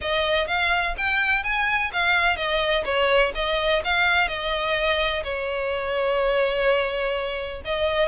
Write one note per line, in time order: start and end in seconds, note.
0.01 0.47 D#5
0.47 0.94 F5
0.97 1.43 G5
1.43 1.91 G#5
1.92 2.36 F5
2.36 2.83 D#5
2.84 3.32 C#5
3.34 3.82 D#5
3.84 4.28 F5
4.28 5.23 D#5
5.23 7.61 C#5
7.65 8.08 D#5